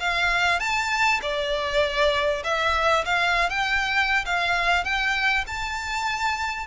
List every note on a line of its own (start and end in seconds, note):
0.00 0.60 F5
0.60 1.21 A5
1.22 2.43 D5
2.44 3.05 E5
3.05 3.50 F5
3.50 4.25 G5
4.26 4.84 F5
4.84 5.45 G5
5.47 6.67 A5